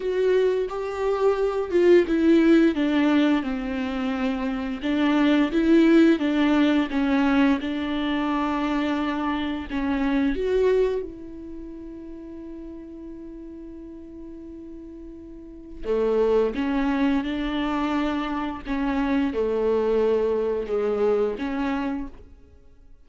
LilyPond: \new Staff \with { instrumentName = "viola" } { \time 4/4 \tempo 4 = 87 fis'4 g'4. f'8 e'4 | d'4 c'2 d'4 | e'4 d'4 cis'4 d'4~ | d'2 cis'4 fis'4 |
e'1~ | e'2. a4 | cis'4 d'2 cis'4 | a2 gis4 cis'4 | }